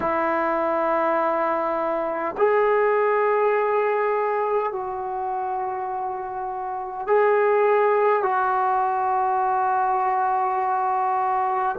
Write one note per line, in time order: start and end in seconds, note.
0.00 2.35 E4
2.37 4.72 G#4
4.72 7.06 F#4
7.06 8.22 G#4
8.22 11.75 F#4